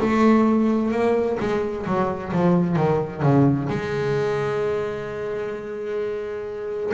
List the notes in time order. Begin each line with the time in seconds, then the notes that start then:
0.00 A3
0.91 A#3
1.40 G#3
1.86 F#3
2.32 F3
2.76 D#3
3.22 C#3
3.69 G#3